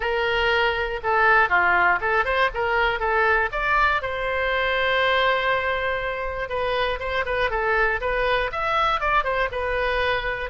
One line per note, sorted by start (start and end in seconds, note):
0.00 1.00 A#4
1.02 1.49 A4
1.49 1.99 F4
2.00 2.25 A4
2.25 2.50 C5
2.54 2.99 A#4
2.99 3.49 A4
3.52 4.02 D5
4.02 6.49 C5
6.49 6.99 B4
6.99 7.24 C5
7.25 7.50 B4
7.50 8.00 A4
8.00 8.50 B4
8.52 9.00 E5
9.00 9.24 D5
9.24 9.49 C5
9.51 10.50 B4